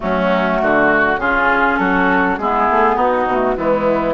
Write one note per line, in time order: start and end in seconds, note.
0.00 0.61 F#3
0.00 1.18 A3
0.00 0.62 C#4
0.00 1.19 F#4
0.61 1.17 D3
0.61 1.20 F#4
1.17 1.76 C#3
1.17 2.39 C#4
1.17 1.79 F4
1.17 1.77 G#4
1.77 2.38 F#3
1.77 2.39 F#4
1.77 2.36 A4
2.37 2.67 G#3
2.37 3.30 B3
2.37 2.95 E4
2.37 2.96 G#4
2.70 2.96 A3
2.95 3.25 B3
2.95 3.55 D#4
2.95 3.56 F#4
3.26 3.56 B2
3.26 3.56 A3
3.56 4.13 E3
3.56 4.13 G#3
3.56 4.13 B3
3.56 4.13 E4